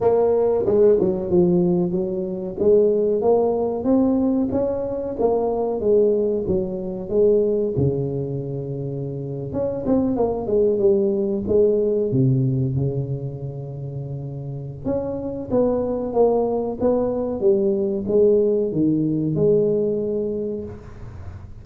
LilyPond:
\new Staff \with { instrumentName = "tuba" } { \time 4/4 \tempo 4 = 93 ais4 gis8 fis8 f4 fis4 | gis4 ais4 c'4 cis'4 | ais4 gis4 fis4 gis4 | cis2~ cis8. cis'8 c'8 ais16~ |
ais16 gis8 g4 gis4 c4 cis16~ | cis2. cis'4 | b4 ais4 b4 g4 | gis4 dis4 gis2 | }